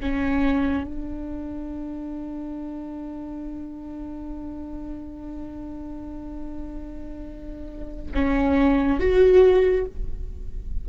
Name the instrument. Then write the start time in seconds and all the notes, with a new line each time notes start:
viola
0.00 C#4
0.84 D4
8.14 C#4
9.00 F#4